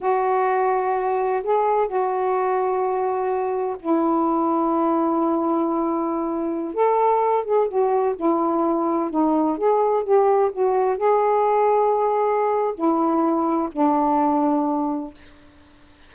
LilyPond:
\new Staff \with { instrumentName = "saxophone" } { \time 4/4 \tempo 4 = 127 fis'2. gis'4 | fis'1 | e'1~ | e'2~ e'16 a'4. gis'16~ |
gis'16 fis'4 e'2 dis'8.~ | dis'16 gis'4 g'4 fis'4 gis'8.~ | gis'2. e'4~ | e'4 d'2. | }